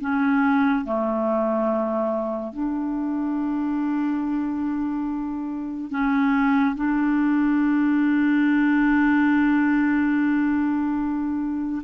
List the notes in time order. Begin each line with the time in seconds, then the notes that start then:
0.00 C#4
0.84 A3
2.52 D4
5.90 C#4
6.75 D4